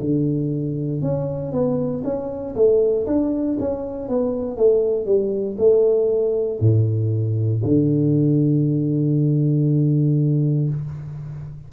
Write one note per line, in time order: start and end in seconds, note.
0.00 1.01 D3
1.01 1.52 C#4
1.52 2.02 B3
2.03 2.54 C#4
2.55 3.06 A3
3.06 3.57 D4
3.59 4.08 C#4
4.08 4.57 B3
4.57 5.05 A3
5.05 5.56 G3
5.57 6.59 A3
6.60 7.61 A2
7.63 10.68 D3